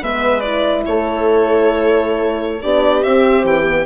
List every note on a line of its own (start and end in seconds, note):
0.00 0.86 G#3
0.00 0.42 B3
0.00 0.83 B4
0.00 0.40 E5
0.40 2.61 E4
0.40 0.81 D5
0.85 2.63 A3
0.85 2.62 A4
0.85 2.62 C#5
2.62 3.04 B3
2.62 3.04 D4
2.62 3.86 G4
2.62 3.03 D5
3.03 3.43 C4
3.03 3.63 C4
3.03 3.45 E5
3.43 3.85 E3
3.43 3.86 G5
3.63 3.84 B3